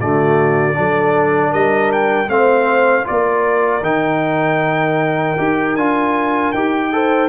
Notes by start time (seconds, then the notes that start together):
0.00 D3 A3 F#4 D5
0.74 F#3 D4 A4
1.51 G3 A#4 D#5
1.92 G5
2.29 A3 C4 C5 F5
3.04 A#3 F4 A#4 D5
3.81 D#3 D#4 G5
5.38 D#4 G4
5.76 D4 F4 G#5
6.53 D#4 G4 G5
6.93 A4 C5